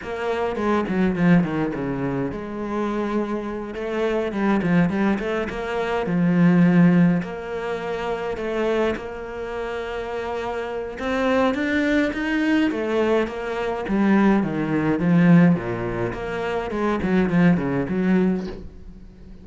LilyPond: \new Staff \with { instrumentName = "cello" } { \time 4/4 \tempo 4 = 104 ais4 gis8 fis8 f8 dis8 cis4 | gis2~ gis8 a4 g8 | f8 g8 a8 ais4 f4.~ | f8 ais2 a4 ais8~ |
ais2. c'4 | d'4 dis'4 a4 ais4 | g4 dis4 f4 ais,4 | ais4 gis8 fis8 f8 cis8 fis4 | }